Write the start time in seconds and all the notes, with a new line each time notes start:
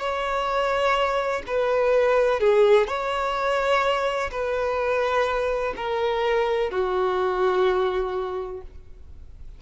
0.00 C#5
1.47 B4
2.40 G#4
2.87 C#5
4.32 B4
5.77 A#4
6.71 F#4